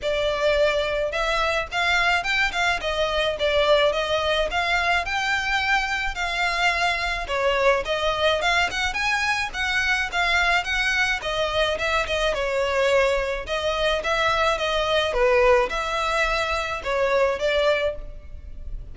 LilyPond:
\new Staff \with { instrumentName = "violin" } { \time 4/4 \tempo 4 = 107 d''2 e''4 f''4 | g''8 f''8 dis''4 d''4 dis''4 | f''4 g''2 f''4~ | f''4 cis''4 dis''4 f''8 fis''8 |
gis''4 fis''4 f''4 fis''4 | dis''4 e''8 dis''8 cis''2 | dis''4 e''4 dis''4 b'4 | e''2 cis''4 d''4 | }